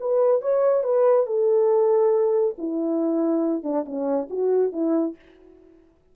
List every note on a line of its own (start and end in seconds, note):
0.00 0.41 B4
0.41 0.83 C#5
0.83 1.26 B4
1.26 2.55 A4
2.58 3.63 E4
3.63 3.85 D4
3.86 4.28 C#4
4.30 4.72 F#4
4.72 5.15 E4